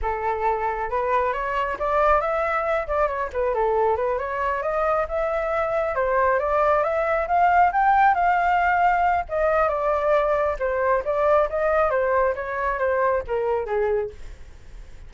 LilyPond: \new Staff \with { instrumentName = "flute" } { \time 4/4 \tempo 4 = 136 a'2 b'4 cis''4 | d''4 e''4. d''8 cis''8 b'8 | a'4 b'8 cis''4 dis''4 e''8~ | e''4. c''4 d''4 e''8~ |
e''8 f''4 g''4 f''4.~ | f''4 dis''4 d''2 | c''4 d''4 dis''4 c''4 | cis''4 c''4 ais'4 gis'4 | }